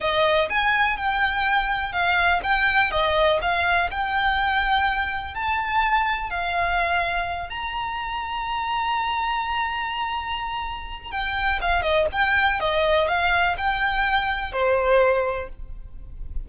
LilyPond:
\new Staff \with { instrumentName = "violin" } { \time 4/4 \tempo 4 = 124 dis''4 gis''4 g''2 | f''4 g''4 dis''4 f''4 | g''2. a''4~ | a''4 f''2~ f''8 ais''8~ |
ais''1~ | ais''2. g''4 | f''8 dis''8 g''4 dis''4 f''4 | g''2 c''2 | }